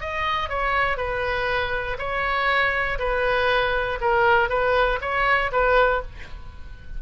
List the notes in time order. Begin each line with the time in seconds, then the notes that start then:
0.00 D#5
0.49 C#5
0.97 B4
1.98 C#5
2.98 B4
4.00 A#4
4.49 B4
5.01 C#5
5.52 B4